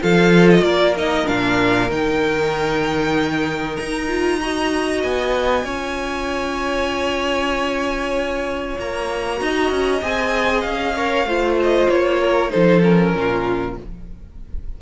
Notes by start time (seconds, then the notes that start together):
0.00 F3 F4 A4 F5
0.50 D#5
0.61 A#3 A#4 D5
0.97 D#4 D#5
1.25 A#2 D4 F5
1.90 D#3 D#4 G5
3.76 D#4 A#5
4.08 F4
4.41 F#4 D#5
5.03 B3 G#5
5.64 C#4 F4 C#5
8.79 A#3 A#5
9.37 D#4 F#4 D#5
9.70 C#4
10.01 C4 G#4 G#5
10.61 C#4 F5
10.97 A#4 C#5
11.25 A3 F4 C5
11.62 D#5
11.89 A#3 C#5
12.20 A#4
12.50 F3 D#4 A4 C5
12.83 C#4 A#4
13.14 A#2 F4